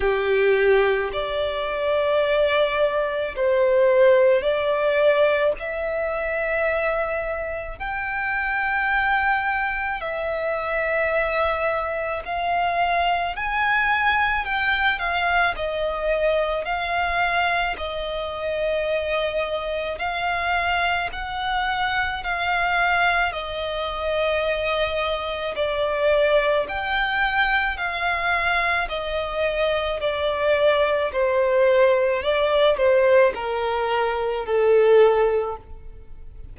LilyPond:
\new Staff \with { instrumentName = "violin" } { \time 4/4 \tempo 4 = 54 g'4 d''2 c''4 | d''4 e''2 g''4~ | g''4 e''2 f''4 | gis''4 g''8 f''8 dis''4 f''4 |
dis''2 f''4 fis''4 | f''4 dis''2 d''4 | g''4 f''4 dis''4 d''4 | c''4 d''8 c''8 ais'4 a'4 | }